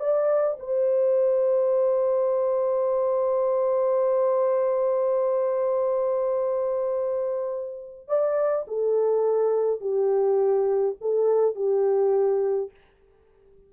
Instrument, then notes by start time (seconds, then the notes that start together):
horn
0.00 D5
0.60 C5
8.08 D5
8.68 A4
9.81 G4
11.01 A4
11.55 G4